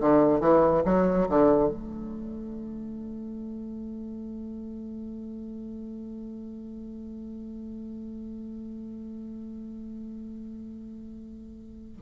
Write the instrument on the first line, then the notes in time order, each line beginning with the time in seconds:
bassoon
0.00 D3
0.40 E3
0.85 F#3
1.29 D3
1.69 A3